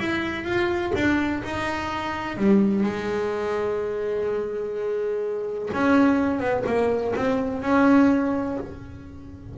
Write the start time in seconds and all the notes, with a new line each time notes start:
0.00 E4
0.45 F4
0.95 D4
1.44 D#4
2.37 G3
2.84 G#3
5.74 C#4
6.40 B3
6.67 A#3
7.16 C4
7.63 C#4